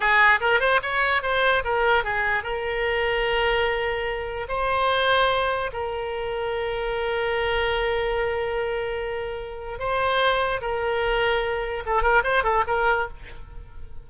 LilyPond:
\new Staff \with { instrumentName = "oboe" } { \time 4/4 \tempo 4 = 147 gis'4 ais'8 c''8 cis''4 c''4 | ais'4 gis'4 ais'2~ | ais'2. c''4~ | c''2 ais'2~ |
ais'1~ | ais'1 | c''2 ais'2~ | ais'4 a'8 ais'8 c''8 a'8 ais'4 | }